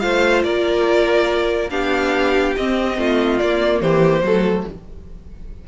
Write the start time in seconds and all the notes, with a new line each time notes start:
0.00 A3 F4 C5 F5
0.43 A#3 A#4 D5
1.70 B3 D4 G4 F5
2.57 C4 D#5
2.98 A3 F4
3.39 A#3 D5
3.81 E3 G4 C5
4.22 F#3 A3 A4